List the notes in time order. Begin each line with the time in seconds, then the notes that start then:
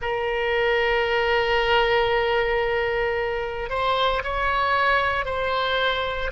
0.01 A#4
3.69 C5
4.23 C#5
5.25 C5